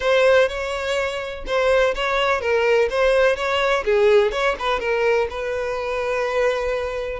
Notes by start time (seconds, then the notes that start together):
0.00 C5
0.48 C#5
1.46 C5
1.94 C#5
2.40 A#4
2.90 C5
3.36 C#5
3.84 G#4
4.31 C#5
4.59 B4
4.79 A#4
5.30 B4